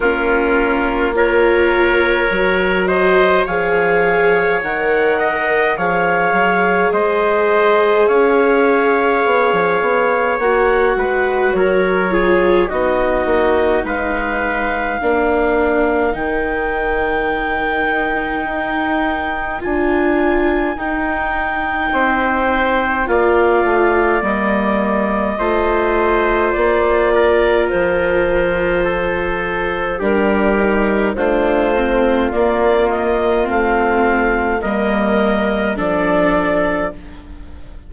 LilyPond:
<<
  \new Staff \with { instrumentName = "clarinet" } { \time 4/4 \tempo 4 = 52 ais'4 cis''4. dis''8 f''4 | fis''4 f''4 dis''4 f''4~ | f''4 fis''4 cis''4 dis''4 | f''2 g''2~ |
g''4 gis''4 g''2 | f''4 dis''2 d''4 | c''2 ais'4 c''4 | d''8 dis''8 f''4 dis''4 d''4 | }
  \new Staff \with { instrumentName = "trumpet" } { \time 4/4 f'4 ais'4. c''8 cis''4~ | cis''8 dis''8 cis''4 c''4 cis''4~ | cis''4. b'8 ais'8 gis'8 fis'4 | b'4 ais'2.~ |
ais'2. c''4 | d''2 c''4. ais'8~ | ais'4 a'4 g'4 f'4~ | f'2 ais'4 a'4 | }
  \new Staff \with { instrumentName = "viola" } { \time 4/4 cis'4 f'4 fis'4 gis'4 | ais'4 gis'2.~ | gis'4 fis'4. f'8 dis'4~ | dis'4 d'4 dis'2~ |
dis'4 f'4 dis'2 | f'4 ais4 f'2~ | f'2 d'8 dis'8 d'8 c'8 | ais4 c'4 ais4 d'4 | }
  \new Staff \with { instrumentName = "bassoon" } { \time 4/4 ais2 fis4 f4 | dis4 f8 fis8 gis4 cis'4 | b16 f16 b8 ais8 gis8 fis4 b8 ais8 | gis4 ais4 dis2 |
dis'4 d'4 dis'4 c'4 | ais8 a8 g4 a4 ais4 | f2 g4 a4 | ais4 a4 g4 f4 | }
>>